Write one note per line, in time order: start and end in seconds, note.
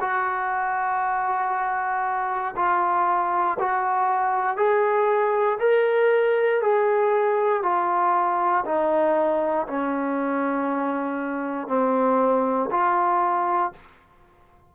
0.00 2.54 F#4
2.56 3.57 F4
3.59 4.57 F#4
4.57 5.58 G#4
5.59 6.61 A#4
6.61 7.63 G#4
7.63 8.64 F4
8.65 9.67 D#4
9.67 11.68 C#4
11.68 12.69 C4
12.71 13.72 F4